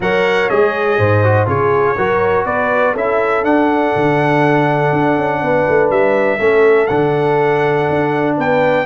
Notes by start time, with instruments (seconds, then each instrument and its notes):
0.00 tuba F#3, trombone A#4, horn C#5, trumpet F#5
0.49 tuba G#3, trombone G#4, trumpet D#5
0.98 tuba G#2, horn C5
1.24 trombone F#4
1.46 tuba C#3, trombone F4, horn G#4, trumpet C#5
1.97 tuba F#3, trombone F#4, horn A#4
2.45 tuba B3, horn B4, trumpet D5
2.93 tuba C#4, trombone E4, horn A4, trumpet E5
3.43 trombone D4, tuba D4, trumpet F#5
3.95 tuba D3
4.92 tuba D4
5.17 tuba C#4
5.41 tuba B3, horn B4
5.68 tuba A3
5.90 tuba G3, trumpet E5
6.39 tuba A3, trombone C#4, horn A4
6.86 tuba D3, trombone D4, trumpet F#5
7.89 tuba D4
8.37 tuba B3, horn B4, trumpet G5